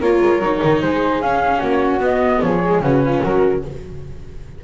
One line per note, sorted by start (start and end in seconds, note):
0.00 0.20 A#3
0.00 0.42 F4
0.00 0.81 A#4
0.00 0.81 C#5
0.21 0.38 G#3
0.38 0.58 F#3
0.38 1.22 D#4
0.63 0.82 D#3
0.81 1.22 G#3
0.81 1.59 G#4
0.81 1.22 C5
1.22 1.61 C#4
1.22 2.00 C#4
1.22 1.60 F5
1.59 1.99 A#3
1.59 2.39 F#4
1.59 2.00 C#5
1.99 2.39 B3
1.99 2.60 B3
1.99 2.41 D#5
2.41 2.80 F3
2.41 2.82 G#4
2.41 2.82 C#5
2.65 2.83 G#3
2.80 3.21 C#3
2.80 3.63 C#4
2.80 3.02 F#4
2.80 3.23 B4
3.05 3.22 F4
3.22 3.64 F#3
3.22 3.62 F#4
3.22 3.64 A#4